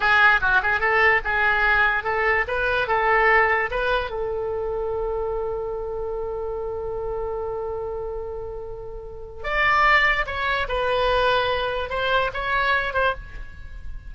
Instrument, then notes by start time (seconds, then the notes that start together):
oboe
0.00 G#4
0.41 F#4
0.62 G#4
0.79 A4
1.24 G#4
2.03 A4
2.47 B4
2.87 A4
3.70 B4
4.10 A4
9.43 D5
10.26 C#5
10.68 B4
11.89 C5
12.33 C#5
12.93 C5